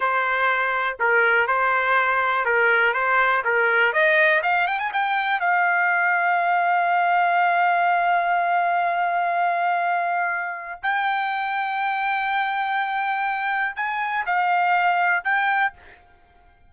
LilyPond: \new Staff \with { instrumentName = "trumpet" } { \time 4/4 \tempo 4 = 122 c''2 ais'4 c''4~ | c''4 ais'4 c''4 ais'4 | dis''4 f''8 g''16 gis''16 g''4 f''4~ | f''1~ |
f''1~ | f''2 g''2~ | g''1 | gis''4 f''2 g''4 | }